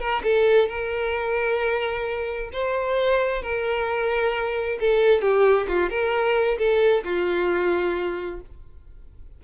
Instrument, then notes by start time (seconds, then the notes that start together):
violin
0.00 A#4
0.24 A4
0.69 A#4
2.53 C5
3.43 A#4
4.80 A4
5.22 G4
5.69 F4
5.90 A#4
6.59 A4
7.05 F4